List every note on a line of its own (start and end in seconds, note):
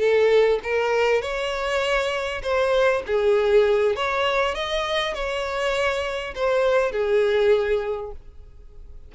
0.00 0.60 A4
0.64 1.22 A#4
1.22 2.42 C#5
2.43 3.03 C5
3.07 3.96 G#4
3.96 4.55 C#5
4.55 5.14 D#5
5.14 6.34 C#5
6.35 6.92 C5
6.92 8.12 G#4